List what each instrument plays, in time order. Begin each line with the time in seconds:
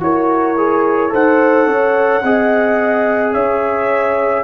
0.00 tuba E4, trombone F#4, horn A#4, trumpet C#5
0.57 trombone G#4
1.09 tuba D#4, trombone A4, horn C5, trumpet F#5
1.66 tuba C#4, horn C#5
2.23 tuba C4, trombone G#4, horn D#5
3.33 tuba C#4, horn C#5, trumpet E5